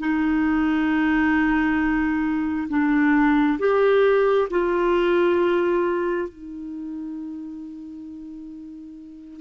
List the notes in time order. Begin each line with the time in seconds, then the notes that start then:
0.00 D#4
2.69 D4
3.59 G4
4.51 F4
6.29 D#4